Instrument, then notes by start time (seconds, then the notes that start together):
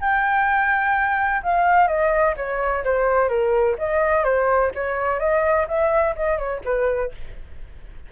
flute
0.00 G5
1.42 F5
1.87 D#5
2.36 C#5
2.84 C5
3.28 A#4
3.78 D#5
4.24 C5
4.74 C#5
5.19 D#5
5.68 E5
6.16 D#5
6.38 C#5
6.64 B4